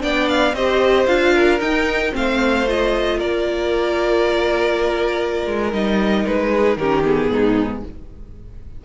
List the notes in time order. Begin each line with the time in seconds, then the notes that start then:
0.00 B3 D4 D5 G5
0.29 F5
0.53 C4 G4 C5 D#5
1.06 D4 F4 F5
1.34 A#4
1.60 D#4 G5
2.12 A3 C4 C5 F5
2.67 F4 D#5
3.18 A#3 A#4 D5
5.46 G#3
5.72 G3 D#4 D#5
6.26 G#3 B4
6.51 G#4
6.76 D#3 C#4 G4 A#4
7.04 B3 G#4
7.29 G#2 D#4